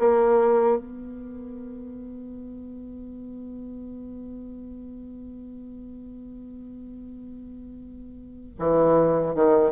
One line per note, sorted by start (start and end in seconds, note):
0.00 0.78 A#3
0.78 8.57 B3
8.59 9.35 E3
9.35 9.72 D#3